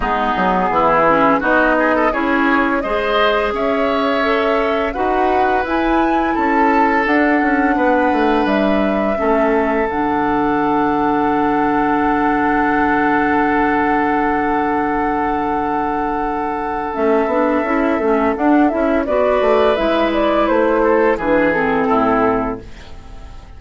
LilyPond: <<
  \new Staff \with { instrumentName = "flute" } { \time 4/4 \tempo 4 = 85 gis'2 dis''4 cis''4 | dis''4 e''2 fis''4 | gis''4 a''4 fis''2 | e''2 fis''2~ |
fis''1~ | fis''1 | e''2 fis''8 e''8 d''4 | e''8 d''8 c''4 b'8 a'4. | }
  \new Staff \with { instrumentName = "oboe" } { \time 4/4 dis'4 e'4 fis'8 gis'16 a'16 gis'4 | c''4 cis''2 b'4~ | b'4 a'2 b'4~ | b'4 a'2.~ |
a'1~ | a'1~ | a'2. b'4~ | b'4. a'8 gis'4 e'4 | }
  \new Staff \with { instrumentName = "clarinet" } { \time 4/4 b4. cis'8 dis'4 e'4 | gis'2 a'4 fis'4 | e'2 d'2~ | d'4 cis'4 d'2~ |
d'1~ | d'1 | cis'8 d'8 e'8 cis'8 d'8 e'8 fis'4 | e'2 d'8 c'4. | }
  \new Staff \with { instrumentName = "bassoon" } { \time 4/4 gis8 fis8 e4 b4 cis'4 | gis4 cis'2 dis'4 | e'4 cis'4 d'8 cis'8 b8 a8 | g4 a4 d2~ |
d1~ | d1 | a8 b8 cis'8 a8 d'8 cis'8 b8 a8 | gis4 a4 e4 a,4 | }
>>